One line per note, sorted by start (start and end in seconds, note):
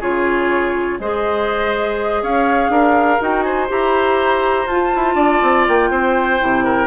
0.00 0.99 C#3
0.00 1.00 F4
0.00 0.98 G#4
0.00 1.00 C#5
0.99 2.22 G#3
0.99 3.20 G#4
0.99 2.23 C5
0.99 2.23 D#5
2.22 2.69 C#4
2.22 2.72 C#5
2.22 3.22 F5
2.69 3.18 D4
2.69 3.45 A#4
3.20 3.70 D#4
3.20 3.68 F#4
3.20 3.43 G5
3.43 5.16 C5
3.43 3.67 G#5
3.68 4.67 E4
3.68 4.67 G4
3.68 4.68 A#5
4.67 4.91 F4
4.67 6.40 F4
4.67 5.66 A5
4.96 5.15 E4
5.15 5.40 D4
5.15 5.89 D5
5.42 5.67 C4
5.68 5.91 A#3
5.68 6.87 G5
5.91 6.40 C4
5.91 6.64 C5
6.40 6.87 C3
6.40 6.87 E4
6.64 6.87 A#4